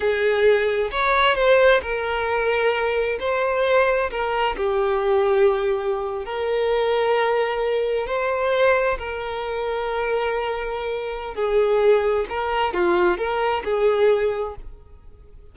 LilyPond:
\new Staff \with { instrumentName = "violin" } { \time 4/4 \tempo 4 = 132 gis'2 cis''4 c''4 | ais'2. c''4~ | c''4 ais'4 g'2~ | g'4.~ g'16 ais'2~ ais'16~ |
ais'4.~ ais'16 c''2 ais'16~ | ais'1~ | ais'4 gis'2 ais'4 | f'4 ais'4 gis'2 | }